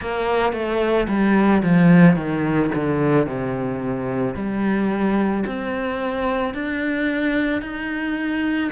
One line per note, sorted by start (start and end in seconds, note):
0.00 0.52 A#3
0.52 1.07 A3
1.08 1.62 G3
1.63 2.15 F3
2.15 2.70 D#3
2.75 3.26 D3
3.26 4.34 C3
4.34 5.43 G3
5.46 6.54 C4
6.54 7.61 D4
7.61 8.70 D#4